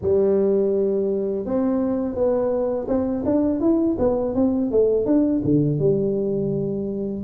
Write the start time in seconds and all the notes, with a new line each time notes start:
0.01 G3
1.45 C4
2.15 B3
2.88 C4
3.25 D4
3.60 E4
3.99 B3
4.34 C4
4.71 A3
5.05 D4
5.44 D3
5.79 G3